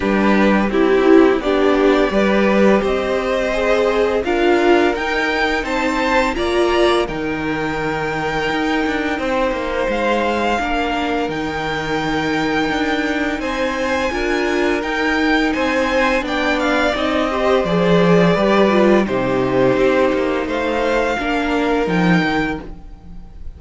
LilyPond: <<
  \new Staff \with { instrumentName = "violin" } { \time 4/4 \tempo 4 = 85 b'4 g'4 d''2 | dis''2 f''4 g''4 | a''4 ais''4 g''2~ | g''2 f''2 |
g''2. gis''4~ | gis''4 g''4 gis''4 g''8 f''8 | dis''4 d''2 c''4~ | c''4 f''2 g''4 | }
  \new Staff \with { instrumentName = "violin" } { \time 4/4 g'4 e'4 g'4 b'4 | c''2 ais'2 | c''4 d''4 ais'2~ | ais'4 c''2 ais'4~ |
ais'2. c''4 | ais'2 c''4 d''4~ | d''8 c''4. b'4 g'4~ | g'4 c''4 ais'2 | }
  \new Staff \with { instrumentName = "viola" } { \time 4/4 d'4 e'4 d'4 g'4~ | g'4 gis'4 f'4 dis'4~ | dis'4 f'4 dis'2~ | dis'2. d'4 |
dis'1 | f'4 dis'2 d'4 | dis'8 g'8 gis'4 g'8 f'8 dis'4~ | dis'2 d'4 dis'4 | }
  \new Staff \with { instrumentName = "cello" } { \time 4/4 g4 c'4 b4 g4 | c'2 d'4 dis'4 | c'4 ais4 dis2 | dis'8 d'8 c'8 ais8 gis4 ais4 |
dis2 d'4 c'4 | d'4 dis'4 c'4 b4 | c'4 f4 g4 c4 | c'8 ais8 a4 ais4 f8 dis8 | }
>>